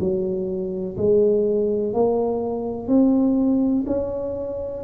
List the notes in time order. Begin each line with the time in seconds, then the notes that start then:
0.00 F#3
0.97 G#3
1.94 A#3
2.88 C4
3.87 C#4